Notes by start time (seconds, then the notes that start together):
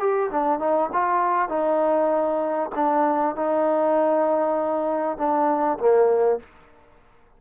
0.00 G4
0.31 D4
0.60 D#4
0.93 F4
1.49 D#4
2.75 D4
3.36 D#4
5.18 D4
5.79 A#3